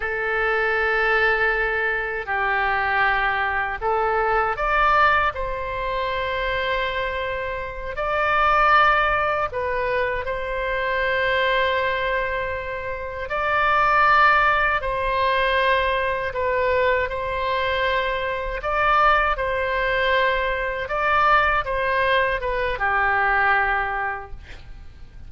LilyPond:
\new Staff \with { instrumentName = "oboe" } { \time 4/4 \tempo 4 = 79 a'2. g'4~ | g'4 a'4 d''4 c''4~ | c''2~ c''8 d''4.~ | d''8 b'4 c''2~ c''8~ |
c''4. d''2 c''8~ | c''4. b'4 c''4.~ | c''8 d''4 c''2 d''8~ | d''8 c''4 b'8 g'2 | }